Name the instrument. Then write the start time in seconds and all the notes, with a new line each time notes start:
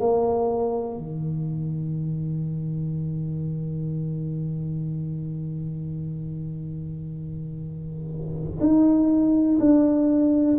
tuba
0.00 A#3
0.97 D#3
8.60 D#4
9.59 D4